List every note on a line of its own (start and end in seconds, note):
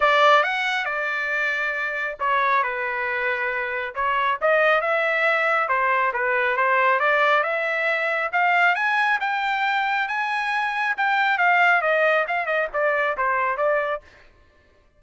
0.00 0.43 D5
0.43 0.85 F#5
0.85 2.16 D5
2.19 2.63 C#5
2.63 3.94 B4
3.95 4.38 C#5
4.41 4.81 D#5
4.81 5.68 E5
5.68 6.12 C5
6.13 6.57 B4
6.57 6.99 C5
6.99 7.43 D5
7.43 8.30 E5
8.32 8.75 F5
8.75 9.19 G#5
9.20 10.07 G5
10.08 10.95 G#5
10.97 11.38 G5
11.38 11.81 F5
11.81 12.25 D#5
12.27 12.46 F5
12.46 12.67 D#5
12.73 13.16 D5
13.17 13.57 C5
13.57 14.01 D5